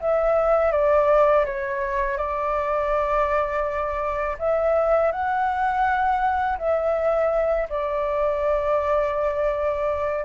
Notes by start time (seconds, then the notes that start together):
0.00 E5
0.71 D5
1.45 C#5
2.17 D5
4.38 E5
5.11 F#5
6.58 E5
7.69 D5